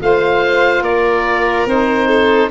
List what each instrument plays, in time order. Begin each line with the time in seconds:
0.00 tuba A3, saxophone F4, violin C5, oboe F5
0.81 tuba A#3, violin A#4, oboe D5
1.66 tuba C4, saxophone D#4, oboe C5
2.08 violin A4